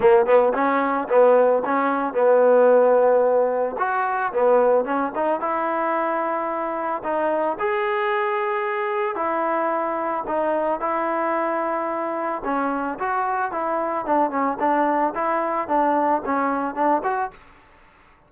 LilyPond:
\new Staff \with { instrumentName = "trombone" } { \time 4/4 \tempo 4 = 111 ais8 b8 cis'4 b4 cis'4 | b2. fis'4 | b4 cis'8 dis'8 e'2~ | e'4 dis'4 gis'2~ |
gis'4 e'2 dis'4 | e'2. cis'4 | fis'4 e'4 d'8 cis'8 d'4 | e'4 d'4 cis'4 d'8 fis'8 | }